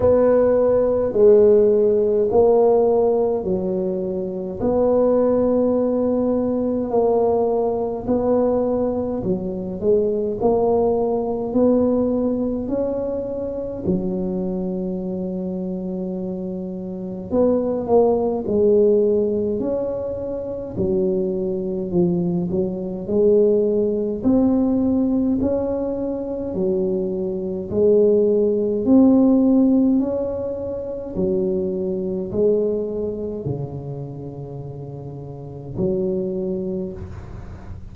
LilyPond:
\new Staff \with { instrumentName = "tuba" } { \time 4/4 \tempo 4 = 52 b4 gis4 ais4 fis4 | b2 ais4 b4 | fis8 gis8 ais4 b4 cis'4 | fis2. b8 ais8 |
gis4 cis'4 fis4 f8 fis8 | gis4 c'4 cis'4 fis4 | gis4 c'4 cis'4 fis4 | gis4 cis2 fis4 | }